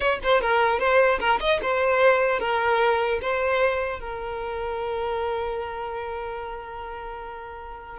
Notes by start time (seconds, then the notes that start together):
0.00 C#5
0.23 C5
0.41 A#4
0.79 C5
1.19 A#4
1.40 D#5
1.62 C5
2.39 A#4
3.21 C5
3.99 A#4